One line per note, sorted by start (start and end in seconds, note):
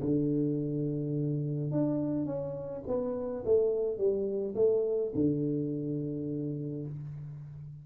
0.00 1.71 D3
1.71 2.25 D4
2.25 2.83 C#4
2.87 3.44 B3
3.45 3.98 A3
3.98 4.55 G3
4.55 5.12 A3
5.15 6.86 D3